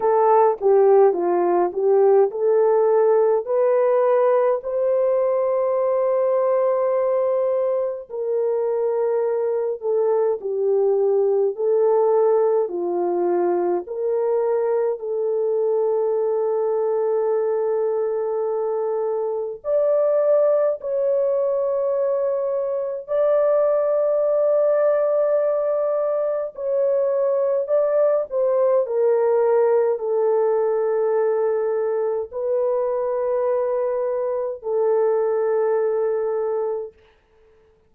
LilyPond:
\new Staff \with { instrumentName = "horn" } { \time 4/4 \tempo 4 = 52 a'8 g'8 f'8 g'8 a'4 b'4 | c''2. ais'4~ | ais'8 a'8 g'4 a'4 f'4 | ais'4 a'2.~ |
a'4 d''4 cis''2 | d''2. cis''4 | d''8 c''8 ais'4 a'2 | b'2 a'2 | }